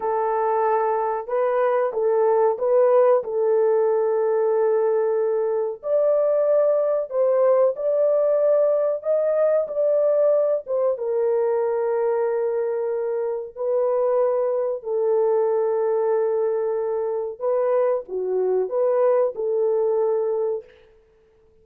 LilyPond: \new Staff \with { instrumentName = "horn" } { \time 4/4 \tempo 4 = 93 a'2 b'4 a'4 | b'4 a'2.~ | a'4 d''2 c''4 | d''2 dis''4 d''4~ |
d''8 c''8 ais'2.~ | ais'4 b'2 a'4~ | a'2. b'4 | fis'4 b'4 a'2 | }